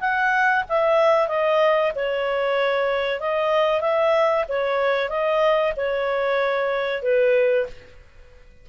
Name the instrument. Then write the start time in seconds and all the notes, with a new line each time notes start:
clarinet
0.00 F#5
0.68 E5
1.28 D#5
1.95 C#5
3.20 D#5
3.80 E5
4.48 C#5
5.09 D#5
5.76 C#5
7.02 B4